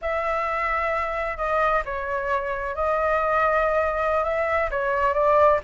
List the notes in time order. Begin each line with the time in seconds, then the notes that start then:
0.01 E5
1.37 D#5
1.85 C#5
2.75 D#5
4.24 E5
4.71 C#5
5.13 D5